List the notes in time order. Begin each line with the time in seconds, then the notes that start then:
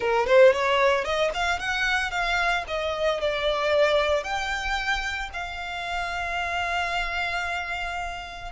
0.00 A#4
0.26 C5
0.52 C#5
1.04 D#5
1.33 F5
1.59 F#5
2.10 F5
2.67 D#5
3.20 D5
4.23 G5
5.33 F5